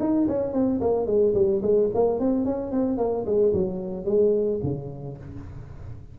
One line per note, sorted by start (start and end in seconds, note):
0.00 0.27 D#4
0.28 0.53 C#4
0.53 0.81 C4
0.81 1.07 A#3
1.07 1.34 G#3
1.34 1.62 G3
1.63 1.90 G#3
1.94 2.20 A#3
2.20 2.45 C4
2.45 2.72 C#4
2.72 2.98 C4
2.98 3.25 A#3
3.26 3.54 G#3
3.54 4.06 F#3
4.06 4.60 G#3
4.63 5.18 C#3